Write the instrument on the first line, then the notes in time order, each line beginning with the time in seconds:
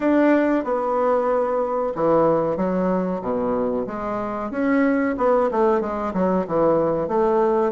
bassoon
0.00 D4
0.64 B3
1.95 E3
2.56 F#3
3.21 B2
3.87 G#3
4.50 C#4
5.17 B3
5.51 A3
5.80 G#3
6.13 F#3
6.47 E3
7.08 A3